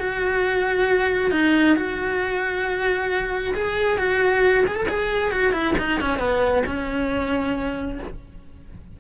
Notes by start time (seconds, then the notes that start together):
0.00 F#4
1.32 D#4
1.76 F#4
3.55 G#4
3.98 F#4
4.67 G#4
4.76 A4
4.89 G#4
5.32 F#4
5.53 E4
5.79 D#4
6.01 C#4
6.19 B3
6.66 C#4